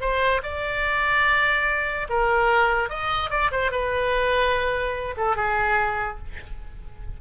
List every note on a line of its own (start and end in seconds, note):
0.00 0.41 C5
0.43 2.07 D5
2.09 2.89 A#4
2.89 3.30 D#5
3.30 3.50 D5
3.51 3.71 C5
3.71 5.15 B4
5.17 5.36 A4
5.36 6.18 G#4